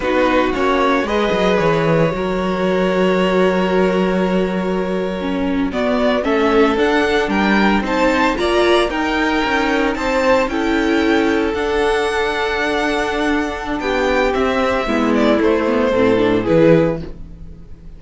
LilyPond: <<
  \new Staff \with { instrumentName = "violin" } { \time 4/4 \tempo 4 = 113 b'4 cis''4 dis''4 cis''4~ | cis''1~ | cis''2~ cis''8. d''4 e''16~ | e''8. fis''4 g''4 a''4 ais''16~ |
ais''8. g''2 a''4 g''16~ | g''4.~ g''16 fis''2~ fis''16~ | fis''2 g''4 e''4~ | e''8 d''8 c''2 b'4 | }
  \new Staff \with { instrumentName = "violin" } { \time 4/4 fis'2 b'2 | ais'1~ | ais'2~ ais'8. fis'4 a'16~ | a'4.~ a'16 ais'4 c''4 d''16~ |
d''8. ais'2 c''4 a'16~ | a'1~ | a'2 g'2 | e'2 a'4 gis'4 | }
  \new Staff \with { instrumentName = "viola" } { \time 4/4 dis'4 cis'4 gis'2 | fis'1~ | fis'4.~ fis'16 cis'4 b4 cis'16~ | cis'8. d'2 dis'4 f'16~ |
f'8. dis'2. e'16~ | e'4.~ e'16 d'2~ d'16~ | d'2. c'4 | b4 a8 b8 c'8 d'8 e'4 | }
  \new Staff \with { instrumentName = "cello" } { \time 4/4 b4 ais4 gis8 fis8 e4 | fis1~ | fis2~ fis8. b4 a16~ | a8. d'4 g4 c'4 ais16~ |
ais8. dis'4 cis'4 c'4 cis'16~ | cis'4.~ cis'16 d'2~ d'16~ | d'2 b4 c'4 | gis4 a4 a,4 e4 | }
>>